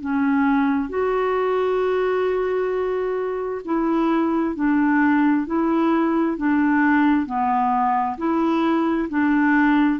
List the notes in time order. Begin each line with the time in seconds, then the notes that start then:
0.00 C#4
0.89 F#4
3.65 E4
4.55 D4
5.46 E4
6.37 D4
7.26 B3
8.17 E4
9.09 D4